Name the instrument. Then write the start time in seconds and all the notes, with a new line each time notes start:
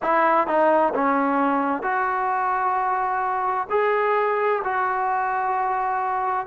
trombone
0.02 E4
0.47 D#4
0.94 C#4
1.82 F#4
3.70 G#4
4.64 F#4